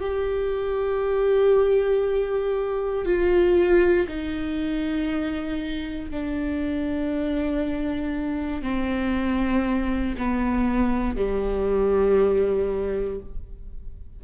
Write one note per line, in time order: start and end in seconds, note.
0.00 3.05 G4
3.05 4.07 F4
4.08 6.11 D#4
6.11 8.62 D4
8.62 10.15 C4
10.17 11.16 B3
11.16 13.20 G3